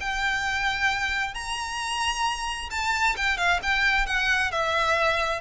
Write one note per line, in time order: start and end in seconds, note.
0.00 1.34 G5
1.34 2.69 A#5
2.70 3.16 A5
3.16 3.37 G5
3.37 3.60 F5
3.62 4.06 G5
4.06 4.51 F#5
4.51 5.41 E5